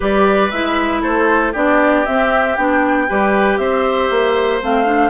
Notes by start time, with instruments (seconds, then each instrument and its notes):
0.00 bassoon G3, clarinet G4, oboe B4, flute D5
0.50 bassoon G#3, clarinet E4, flute E5
1.01 bassoon A3, oboe A4, flute C5
1.52 bassoon B3, clarinet D4, oboe G4, flute D5
2.05 clarinet C4, bassoon C4, flute E5
2.56 bassoon B3, clarinet D4, flute G5
3.08 bassoon G3, clarinet G4, oboe B4
3.57 bassoon C4, oboe C5, flute E5
4.10 bassoon A#3
4.62 bassoon A3, clarinet C4, flute F5
4.85 clarinet D4